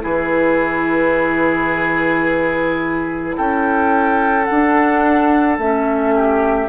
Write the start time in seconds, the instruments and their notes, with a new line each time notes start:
0.00 bassoon E3, clarinet E4, oboe G#4, flute B4
3.37 bassoon C#4, oboe A4, flute G5
4.45 bassoon D4, clarinet D4, flute F#5
5.58 bassoon A3, clarinet C#4, flute E5
6.15 oboe G4